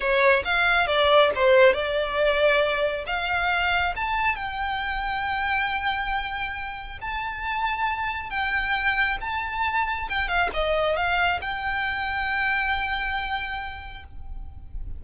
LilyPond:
\new Staff \with { instrumentName = "violin" } { \time 4/4 \tempo 4 = 137 cis''4 f''4 d''4 c''4 | d''2. f''4~ | f''4 a''4 g''2~ | g''1 |
a''2. g''4~ | g''4 a''2 g''8 f''8 | dis''4 f''4 g''2~ | g''1 | }